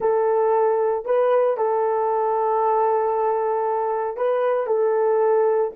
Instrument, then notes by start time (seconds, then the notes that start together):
horn
0.00 A4
1.05 B4
1.57 A4
4.16 B4
4.66 A4